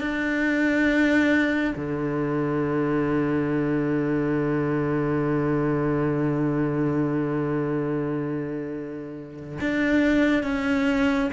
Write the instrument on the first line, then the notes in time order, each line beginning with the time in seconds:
cello
0.00 D4
1.76 D3
9.60 D4
10.43 C#4